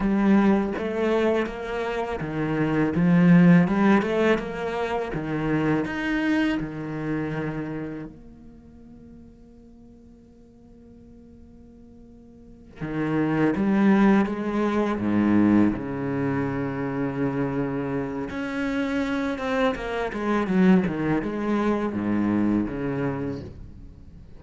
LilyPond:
\new Staff \with { instrumentName = "cello" } { \time 4/4 \tempo 4 = 82 g4 a4 ais4 dis4 | f4 g8 a8 ais4 dis4 | dis'4 dis2 ais4~ | ais1~ |
ais4. dis4 g4 gis8~ | gis8 gis,4 cis2~ cis8~ | cis4 cis'4. c'8 ais8 gis8 | fis8 dis8 gis4 gis,4 cis4 | }